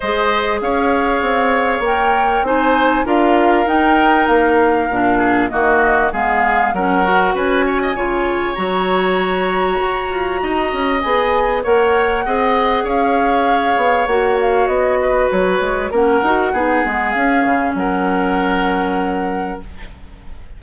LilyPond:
<<
  \new Staff \with { instrumentName = "flute" } { \time 4/4 \tempo 4 = 98 dis''4 f''2 g''4 | gis''4 f''4 g''4 f''4~ | f''4 dis''4 f''4 fis''4 | gis''2 ais''2~ |
ais''2 gis''4 fis''4~ | fis''4 f''2 fis''8 f''8 | dis''4 cis''4 fis''2 | f''4 fis''2. | }
  \new Staff \with { instrumentName = "oboe" } { \time 4/4 c''4 cis''2. | c''4 ais'2.~ | ais'8 gis'8 fis'4 gis'4 ais'4 | b'8 cis''16 dis''16 cis''2.~ |
cis''4 dis''2 cis''4 | dis''4 cis''2.~ | cis''8 b'4. ais'4 gis'4~ | gis'4 ais'2. | }
  \new Staff \with { instrumentName = "clarinet" } { \time 4/4 gis'2. ais'4 | dis'4 f'4 dis'2 | d'4 ais4 b4 cis'8 fis'8~ | fis'4 f'4 fis'2~ |
fis'2 gis'4 ais'4 | gis'2. fis'4~ | fis'2 cis'8 fis'8 dis'8 b8 | cis'1 | }
  \new Staff \with { instrumentName = "bassoon" } { \time 4/4 gis4 cis'4 c'4 ais4 | c'4 d'4 dis'4 ais4 | ais,4 dis4 gis4 fis4 | cis'4 cis4 fis2 |
fis'8 f'8 dis'8 cis'8 b4 ais4 | c'4 cis'4. b8 ais4 | b4 fis8 gis8 ais8 dis'8 b8 gis8 | cis'8 cis8 fis2. | }
>>